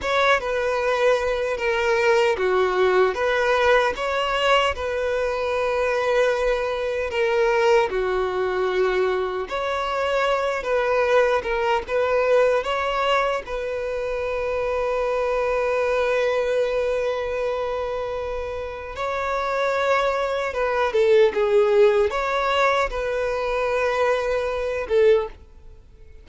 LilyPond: \new Staff \with { instrumentName = "violin" } { \time 4/4 \tempo 4 = 76 cis''8 b'4. ais'4 fis'4 | b'4 cis''4 b'2~ | b'4 ais'4 fis'2 | cis''4. b'4 ais'8 b'4 |
cis''4 b'2.~ | b'1 | cis''2 b'8 a'8 gis'4 | cis''4 b'2~ b'8 a'8 | }